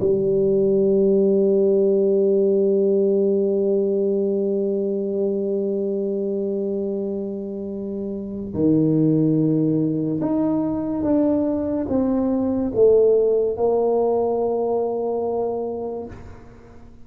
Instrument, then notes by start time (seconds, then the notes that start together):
tuba
0.00 G3
8.53 D#3
10.21 D#4
11.03 D4
11.89 C4
12.75 A3
13.56 A#3